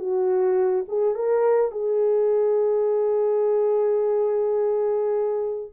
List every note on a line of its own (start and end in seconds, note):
0.00 0.86 F#4
0.89 1.16 G#4
1.16 1.72 A#4
1.72 5.72 G#4